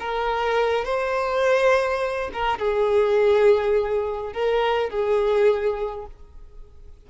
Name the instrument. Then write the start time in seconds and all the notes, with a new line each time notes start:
violin
0.00 A#4
0.85 C5
2.33 A#4
2.59 G#4
4.33 A#4
4.90 G#4